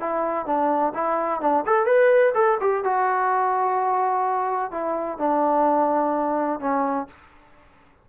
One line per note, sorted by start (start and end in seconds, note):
0.00 0.46 E4
0.46 0.93 D4
0.94 1.41 E4
1.41 1.64 D4
1.66 1.86 A4
1.86 2.33 B4
2.35 2.58 A4
2.60 2.84 G4
2.84 4.71 F#4
4.71 5.18 E4
5.18 6.60 D4
6.60 7.07 C#4